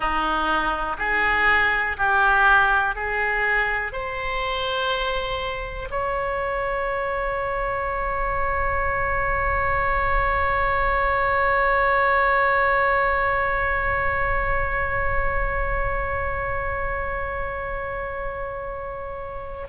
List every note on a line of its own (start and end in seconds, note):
0.00 0.97 D#4
0.98 1.96 G#4
1.97 2.95 G4
2.95 3.92 G#4
3.92 5.88 C5
5.90 19.67 C#5